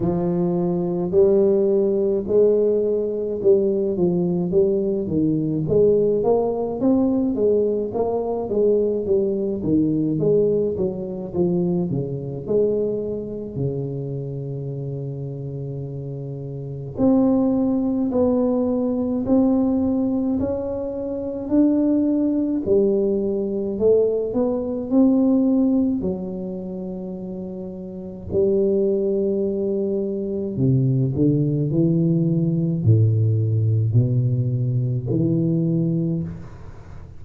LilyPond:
\new Staff \with { instrumentName = "tuba" } { \time 4/4 \tempo 4 = 53 f4 g4 gis4 g8 f8 | g8 dis8 gis8 ais8 c'8 gis8 ais8 gis8 | g8 dis8 gis8 fis8 f8 cis8 gis4 | cis2. c'4 |
b4 c'4 cis'4 d'4 | g4 a8 b8 c'4 fis4~ | fis4 g2 c8 d8 | e4 a,4 b,4 e4 | }